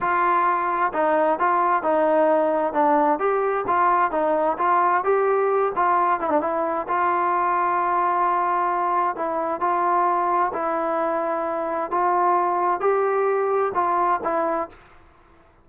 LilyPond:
\new Staff \with { instrumentName = "trombone" } { \time 4/4 \tempo 4 = 131 f'2 dis'4 f'4 | dis'2 d'4 g'4 | f'4 dis'4 f'4 g'4~ | g'8 f'4 e'16 d'16 e'4 f'4~ |
f'1 | e'4 f'2 e'4~ | e'2 f'2 | g'2 f'4 e'4 | }